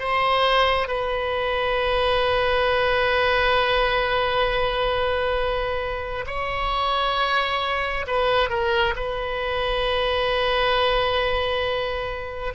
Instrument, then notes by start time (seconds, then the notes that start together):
oboe
0.00 C5
0.88 B4
6.27 C#5
8.08 B4
8.50 A#4
8.96 B4